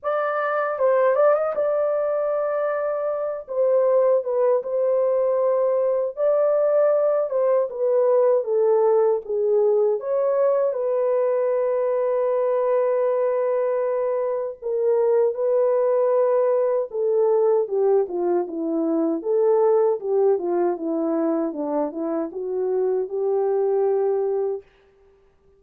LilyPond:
\new Staff \with { instrumentName = "horn" } { \time 4/4 \tempo 4 = 78 d''4 c''8 d''16 dis''16 d''2~ | d''8 c''4 b'8 c''2 | d''4. c''8 b'4 a'4 | gis'4 cis''4 b'2~ |
b'2. ais'4 | b'2 a'4 g'8 f'8 | e'4 a'4 g'8 f'8 e'4 | d'8 e'8 fis'4 g'2 | }